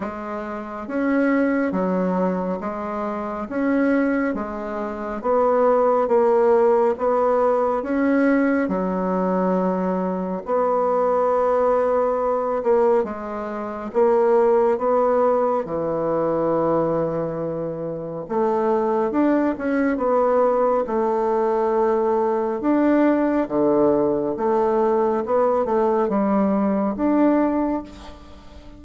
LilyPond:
\new Staff \with { instrumentName = "bassoon" } { \time 4/4 \tempo 4 = 69 gis4 cis'4 fis4 gis4 | cis'4 gis4 b4 ais4 | b4 cis'4 fis2 | b2~ b8 ais8 gis4 |
ais4 b4 e2~ | e4 a4 d'8 cis'8 b4 | a2 d'4 d4 | a4 b8 a8 g4 d'4 | }